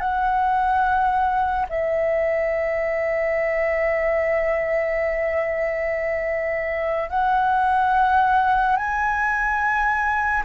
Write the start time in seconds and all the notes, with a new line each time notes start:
0.00 F#5
1.70 E5
7.10 F#5
8.77 G#5